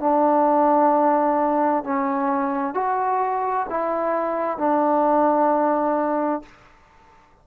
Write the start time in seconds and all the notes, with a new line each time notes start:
0.00 D4
1.84 C#4
2.75 F#4
3.70 E4
4.58 D4